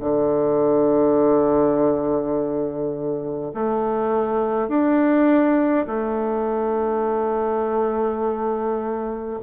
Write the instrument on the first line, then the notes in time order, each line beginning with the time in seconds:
bassoon
0.00 D3
3.54 A3
4.68 D4
5.87 A3